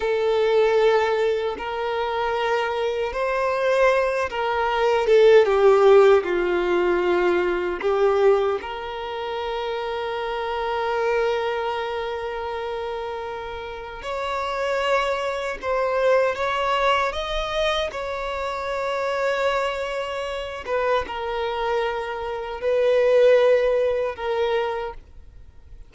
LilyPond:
\new Staff \with { instrumentName = "violin" } { \time 4/4 \tempo 4 = 77 a'2 ais'2 | c''4. ais'4 a'8 g'4 | f'2 g'4 ais'4~ | ais'1~ |
ais'2 cis''2 | c''4 cis''4 dis''4 cis''4~ | cis''2~ cis''8 b'8 ais'4~ | ais'4 b'2 ais'4 | }